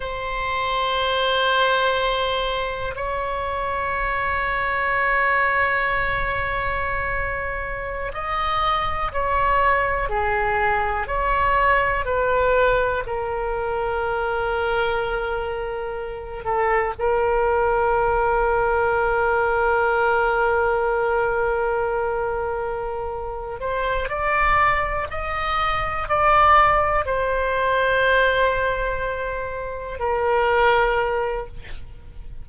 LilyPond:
\new Staff \with { instrumentName = "oboe" } { \time 4/4 \tempo 4 = 61 c''2. cis''4~ | cis''1~ | cis''16 dis''4 cis''4 gis'4 cis''8.~ | cis''16 b'4 ais'2~ ais'8.~ |
ais'8. a'8 ais'2~ ais'8.~ | ais'1 | c''8 d''4 dis''4 d''4 c''8~ | c''2~ c''8 ais'4. | }